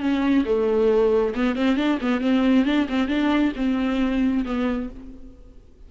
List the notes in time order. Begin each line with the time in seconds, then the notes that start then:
0.00 C#4
0.45 A3
1.35 B3
1.56 C4
1.76 D4
2.01 B3
2.21 C4
2.65 D4
2.88 C4
3.08 D4
3.56 C4
4.45 B3